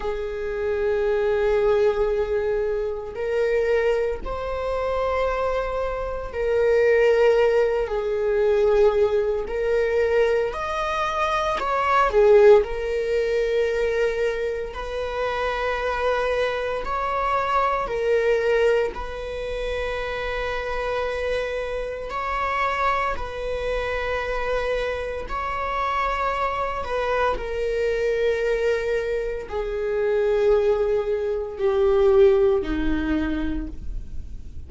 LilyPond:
\new Staff \with { instrumentName = "viola" } { \time 4/4 \tempo 4 = 57 gis'2. ais'4 | c''2 ais'4. gis'8~ | gis'4 ais'4 dis''4 cis''8 gis'8 | ais'2 b'2 |
cis''4 ais'4 b'2~ | b'4 cis''4 b'2 | cis''4. b'8 ais'2 | gis'2 g'4 dis'4 | }